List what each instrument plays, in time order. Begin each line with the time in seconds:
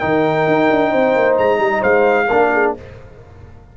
0.00 tuba D#3, trombone D#4, horn A#4, trumpet G5
0.47 tuba D#4
0.71 tuba D4
0.91 tuba C4, horn C5
1.16 tuba A#3
1.38 tuba G#3, trumpet A#5
1.59 tuba G3, horn D#5
1.82 tuba G#3, horn C5, trumpet F5
2.28 tuba A#3, trombone D4, horn A#4
2.53 horn G#4